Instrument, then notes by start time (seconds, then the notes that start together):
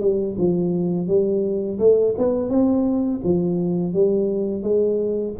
tuba
0.00 G3
0.38 F3
1.07 G3
1.79 A3
2.18 B3
2.49 C4
3.24 F3
3.94 G3
4.62 G#3